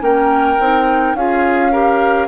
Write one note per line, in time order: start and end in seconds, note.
0.00 0.57 A#3
0.00 0.57 C#4
0.00 1.16 A#4
0.00 1.15 G5
0.59 1.14 C4
0.59 1.17 D#4
1.14 2.27 C#4
1.14 1.72 F4
1.14 1.71 G#4
1.14 2.27 F5
1.71 2.27 G4
1.71 2.27 A#4